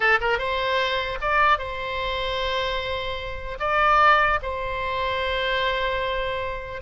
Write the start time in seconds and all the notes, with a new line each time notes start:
0.00 A4
0.20 A#4
0.38 C5
1.21 D5
1.58 C5
3.59 D5
4.42 C5